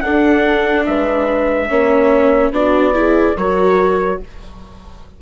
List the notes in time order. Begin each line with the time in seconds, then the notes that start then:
0.00 D4 A4 F#5
0.86 G#3 B4 E5
1.68 A#3 C#4 C#5
2.50 B3 D4 F#4 D5
2.93 E4 G#4
3.36 F#3 F#4 A#4 C#5